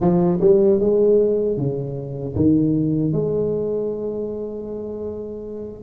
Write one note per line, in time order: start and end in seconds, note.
0.00 0.39 F3
0.41 0.80 G3
0.80 1.57 G#3
1.57 2.35 C#3
2.35 3.12 D#3
3.12 5.82 G#3